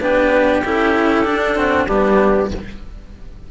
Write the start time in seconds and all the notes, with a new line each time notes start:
0.00 B3 D4 G4 B4
0.65 C#4 E4 A4
1.24 D4
1.56 C4 F#4
1.87 G3 B3 D4 G4